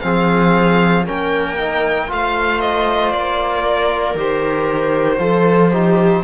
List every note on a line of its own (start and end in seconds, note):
0.00 1.07 F3
0.00 1.05 C4
0.00 1.06 G#4
0.00 1.03 F5
1.05 2.11 A#3
1.05 1.56 C#4
1.05 2.09 A#4
1.05 2.11 G5
1.57 2.08 D#4
2.08 3.14 A3
2.08 4.15 F4
2.08 3.64 C5
2.08 2.60 F5
2.60 3.11 D#5
3.11 4.14 A#3
3.11 4.15 D5
3.64 5.19 A#4
4.14 5.18 D#3
4.14 5.17 G4
4.14 6.23 C5
5.17 6.22 F3
5.17 5.69 F4
5.17 5.71 A4
5.71 6.23 D#4
5.71 6.23 G4